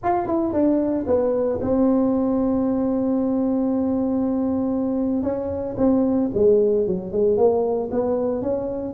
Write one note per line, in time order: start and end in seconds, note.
0.03 0.26 F4
0.26 0.53 E4
0.53 1.05 D4
1.06 1.59 B3
1.61 5.22 C4
5.22 5.75 C#4
5.77 6.30 C4
6.34 6.86 G#3
6.87 7.12 F#3
7.12 7.37 G#3
7.37 7.89 A#3
7.91 8.41 B3
8.41 8.93 C#4